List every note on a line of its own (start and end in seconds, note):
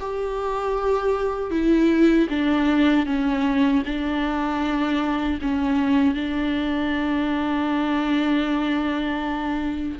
0.00 1.51 G4
1.51 2.28 E4
2.29 3.06 D4
3.06 3.83 C#4
3.85 5.39 D4
5.42 6.14 C#4
6.14 9.99 D4